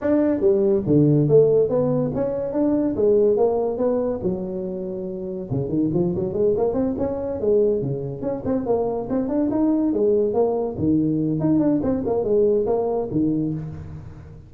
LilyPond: \new Staff \with { instrumentName = "tuba" } { \time 4/4 \tempo 4 = 142 d'4 g4 d4 a4 | b4 cis'4 d'4 gis4 | ais4 b4 fis2~ | fis4 cis8 dis8 f8 fis8 gis8 ais8 |
c'8 cis'4 gis4 cis4 cis'8 | c'8 ais4 c'8 d'8 dis'4 gis8~ | gis8 ais4 dis4. dis'8 d'8 | c'8 ais8 gis4 ais4 dis4 | }